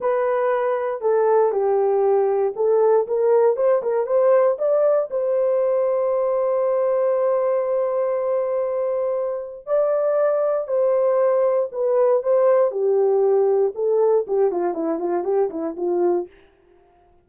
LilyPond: \new Staff \with { instrumentName = "horn" } { \time 4/4 \tempo 4 = 118 b'2 a'4 g'4~ | g'4 a'4 ais'4 c''8 ais'8 | c''4 d''4 c''2~ | c''1~ |
c''2. d''4~ | d''4 c''2 b'4 | c''4 g'2 a'4 | g'8 f'8 e'8 f'8 g'8 e'8 f'4 | }